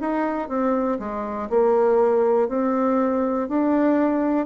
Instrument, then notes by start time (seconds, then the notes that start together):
bassoon
0.00 D#4
0.48 C4
0.99 G#3
1.49 A#3
2.48 C4
3.48 D4